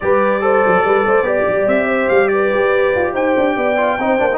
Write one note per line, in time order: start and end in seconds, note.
0.00 0.65 G3
0.00 0.40 G4
0.00 0.42 B4
0.00 1.68 D5
0.40 1.24 A4
0.40 0.84 C5
0.67 0.84 F#3
0.84 1.05 G3
0.84 1.06 B4
1.06 1.22 A3
1.06 1.27 C5
1.22 1.43 B3
1.22 3.75 G4
1.22 1.86 D5
1.48 1.67 G3
1.67 2.09 C4
1.67 2.08 E5
1.86 2.28 C5
2.08 2.52 G3
2.08 2.28 F5
2.28 3.13 B4
2.28 3.11 D5
2.53 2.94 G4
2.95 3.14 F4
3.13 3.35 D#4
3.13 3.55 C5
3.13 4.37 G5
3.37 3.56 D4
3.56 3.98 B3
3.56 3.99 D5
3.77 3.98 F4
3.98 4.19 C4
3.98 4.18 D#4
3.98 4.37 C5
4.18 4.37 A#3
4.18 4.29 D4
4.32 4.37 D#4